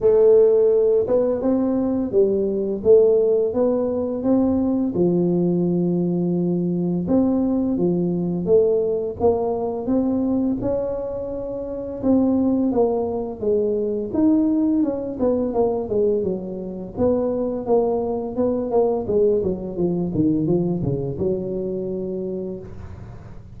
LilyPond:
\new Staff \with { instrumentName = "tuba" } { \time 4/4 \tempo 4 = 85 a4. b8 c'4 g4 | a4 b4 c'4 f4~ | f2 c'4 f4 | a4 ais4 c'4 cis'4~ |
cis'4 c'4 ais4 gis4 | dis'4 cis'8 b8 ais8 gis8 fis4 | b4 ais4 b8 ais8 gis8 fis8 | f8 dis8 f8 cis8 fis2 | }